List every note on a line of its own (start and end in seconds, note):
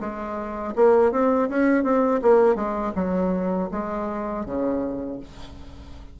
0.00 0.74 G#3
0.76 1.12 A#3
1.12 1.49 C4
1.49 1.84 C#4
1.84 2.21 C4
2.22 2.55 A#3
2.55 2.92 G#3
2.95 3.69 F#3
3.71 4.45 G#3
4.45 5.20 C#3